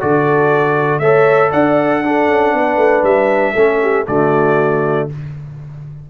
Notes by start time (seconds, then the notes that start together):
0.00 D3 F#4 A4 D5
0.99 A3 A4 C#5 E5
1.50 D4 D5 F#5
2.04 D4 A4
2.28 C#4
2.53 B3 B4
2.77 A3
3.03 G3 E5
3.53 A3 C#4 A4
3.82 G4
4.07 D3 A3 F#4 D5